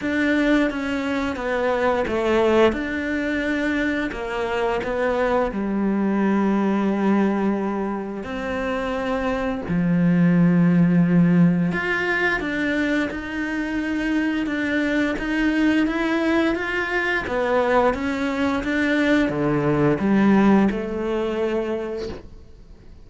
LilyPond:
\new Staff \with { instrumentName = "cello" } { \time 4/4 \tempo 4 = 87 d'4 cis'4 b4 a4 | d'2 ais4 b4 | g1 | c'2 f2~ |
f4 f'4 d'4 dis'4~ | dis'4 d'4 dis'4 e'4 | f'4 b4 cis'4 d'4 | d4 g4 a2 | }